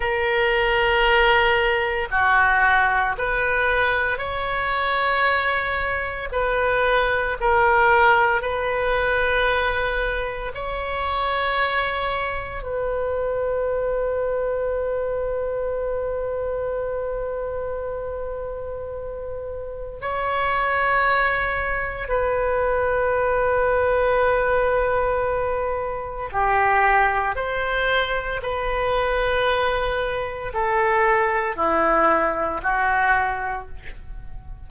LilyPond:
\new Staff \with { instrumentName = "oboe" } { \time 4/4 \tempo 4 = 57 ais'2 fis'4 b'4 | cis''2 b'4 ais'4 | b'2 cis''2 | b'1~ |
b'2. cis''4~ | cis''4 b'2.~ | b'4 g'4 c''4 b'4~ | b'4 a'4 e'4 fis'4 | }